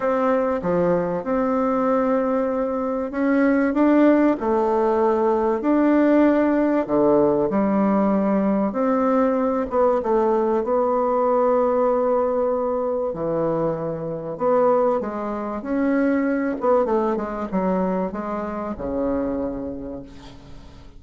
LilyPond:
\new Staff \with { instrumentName = "bassoon" } { \time 4/4 \tempo 4 = 96 c'4 f4 c'2~ | c'4 cis'4 d'4 a4~ | a4 d'2 d4 | g2 c'4. b8 |
a4 b2.~ | b4 e2 b4 | gis4 cis'4. b8 a8 gis8 | fis4 gis4 cis2 | }